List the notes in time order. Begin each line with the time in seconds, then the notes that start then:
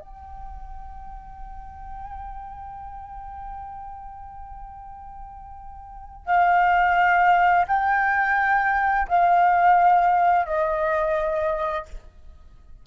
0.00 G5
6.26 F5
7.67 G5
9.08 F5
10.46 D#5